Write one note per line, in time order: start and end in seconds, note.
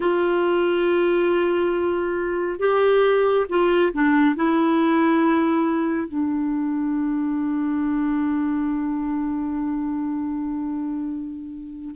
0.00 2.59 F4
2.59 3.46 G4
3.49 3.92 F4
3.93 4.35 D4
4.35 6.08 E4
6.08 11.94 D4